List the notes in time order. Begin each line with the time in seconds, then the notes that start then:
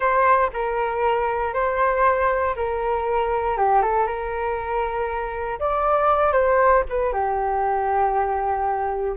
0.00 C5
0.53 A#4
1.53 C5
2.56 A#4
3.57 G4
3.82 A4
4.06 A#4
5.59 D5
6.32 C5
6.89 B4
7.13 G4